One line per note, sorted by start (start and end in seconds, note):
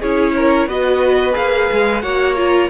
0.00 0.67 C#4
0.00 0.69 E4
0.00 0.34 G#4
0.00 0.69 C#5
0.36 0.68 A#4
0.67 1.35 B3
0.67 1.33 F#4
0.67 2.03 B4
0.67 1.36 D#5
1.33 1.71 A#3
1.33 2.00 G#4
1.33 2.02 F5
1.71 2.03 G#3
2.02 2.70 A#3
2.02 2.36 F#4
2.02 2.70 C#5
2.02 2.35 F#5
2.36 2.70 F4
2.36 2.70 A#5